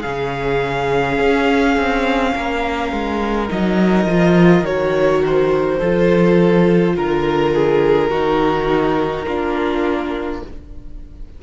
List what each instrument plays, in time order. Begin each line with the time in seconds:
0.00 cello C#3, viola C#4, violin G#4 F5
1.19 cello C#4
1.76 cello C4
2.35 cello A#3, violin A#4
2.92 cello G#3
3.49 cello F#3, viola D#4, violin D#5
4.06 cello F3, viola F4
4.61 cello D#3, viola F#4, violin C#5
5.26 violin C5
5.78 cello F3, viola F4, violin A4
6.95 cello D3, violin A#4
7.54 violin G#4
8.10 cello D#3, viola D#4, violin F#4
9.26 cello A#3, viola D4, violin F4